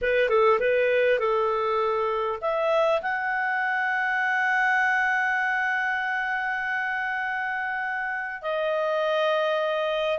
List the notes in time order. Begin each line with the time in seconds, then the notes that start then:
0.01 B4
0.29 A4
0.59 B4
1.19 A4
2.41 E5
3.02 F#5
8.42 D#5